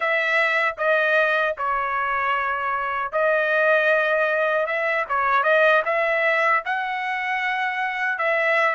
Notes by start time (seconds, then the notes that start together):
0.00 E5
0.77 D#5
1.57 C#5
3.12 D#5
4.66 E5
5.09 C#5
5.43 D#5
5.85 E5
6.65 F#5
8.18 E5